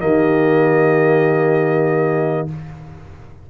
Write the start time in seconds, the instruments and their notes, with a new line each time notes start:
0.00 tuba D#3, trombone A#3, horn G4, trumpet D#5